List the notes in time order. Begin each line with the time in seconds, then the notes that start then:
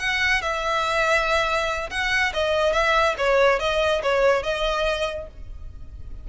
0.00 F#5
0.42 E5
1.91 F#5
2.34 D#5
2.73 E5
3.18 C#5
3.60 D#5
4.03 C#5
4.43 D#5